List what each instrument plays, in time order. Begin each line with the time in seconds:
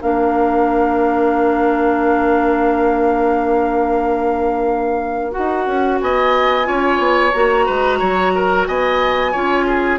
0.00 bassoon A#3, clarinet D4, oboe A#4, flute F5
5.31 clarinet F#4, flute F#5
5.38 bassoon D#4
5.66 bassoon C#4
6.01 bassoon B3, oboe D#5, flute G#5
6.64 bassoon C#4, clarinet F4, oboe C#5
6.98 bassoon B3
7.32 bassoon A#3, clarinet F#4, flute A#5
7.65 bassoon G#3, oboe B4
7.99 bassoon F#3, oboe C#5
8.35 oboe A#4
8.67 bassoon B3, oboe D#5, flute G#5
9.32 bassoon C#4, clarinet F4, oboe C#5
9.66 oboe G#4